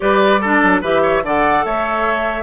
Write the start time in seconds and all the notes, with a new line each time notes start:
0.00 G3 G4 B4 D5
0.40 D4 A4
0.62 F#3
0.81 E3 G4 B4 E5
1.02 C#5
1.23 D3 A4 D5 F#5
1.64 A3 C#5 E5